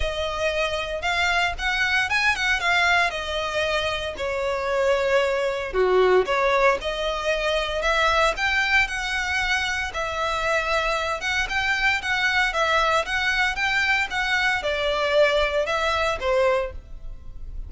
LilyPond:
\new Staff \with { instrumentName = "violin" } { \time 4/4 \tempo 4 = 115 dis''2 f''4 fis''4 | gis''8 fis''8 f''4 dis''2 | cis''2. fis'4 | cis''4 dis''2 e''4 |
g''4 fis''2 e''4~ | e''4. fis''8 g''4 fis''4 | e''4 fis''4 g''4 fis''4 | d''2 e''4 c''4 | }